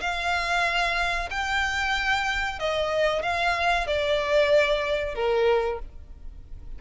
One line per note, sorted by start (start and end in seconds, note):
0.00 1.29 F5
1.30 2.59 G5
2.59 3.22 D#5
3.22 3.87 F5
3.87 5.14 D5
5.14 5.79 A#4